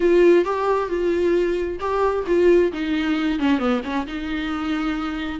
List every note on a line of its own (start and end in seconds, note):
0.00 0.44 F4
0.44 0.89 G4
0.89 1.79 F4
1.79 2.24 G4
2.27 2.72 F4
2.72 3.39 D#4
3.39 3.58 C#4
3.58 3.81 B3
3.83 4.06 C#4
4.07 5.39 D#4